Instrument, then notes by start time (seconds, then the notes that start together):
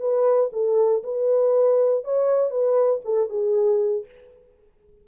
horn
0.00 B4
0.53 A4
1.04 B4
2.04 C#5
2.50 B4
3.05 A4
3.30 G#4